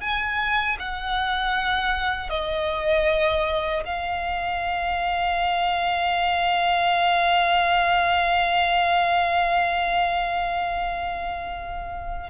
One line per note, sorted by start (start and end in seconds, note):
0.00 0.77 G#5
0.79 2.29 F#5
2.29 3.83 D#5
3.85 12.29 F5